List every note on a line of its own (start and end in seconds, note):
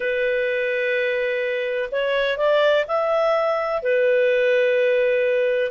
0.00 1.89 B4
1.91 2.37 C#5
2.37 2.85 D5
2.87 3.82 E5
3.82 5.71 B4